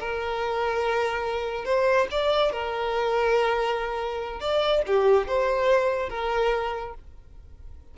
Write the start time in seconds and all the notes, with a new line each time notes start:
0.00 A#4
1.66 C5
2.11 D5
2.53 A#4
4.40 D5
4.87 G4
5.28 C5
6.10 A#4